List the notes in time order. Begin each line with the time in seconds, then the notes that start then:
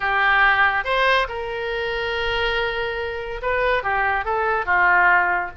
0.00 G4
0.84 C5
1.28 A#4
3.42 B4
3.83 G4
4.25 A4
4.65 F4